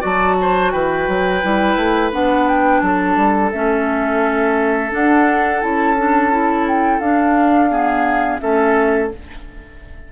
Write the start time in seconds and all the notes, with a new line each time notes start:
0.00 F#3 F#4 D5 A5
0.41 C5
0.71 E3 B4 G5
1.08 F#3
1.43 G3 E4
1.76 A3
2.12 B3 D4 F#5
2.48 G5
2.80 F#3 A4 A5
3.16 G3
3.52 A3 C#4 E5
4.90 D4 F#5
5.61 C#4 E4 A5
5.98 D4
6.31 E4
6.67 G5
7.00 D4 F5
7.70 B3 G#4
8.39 A3 C#4 A4 E5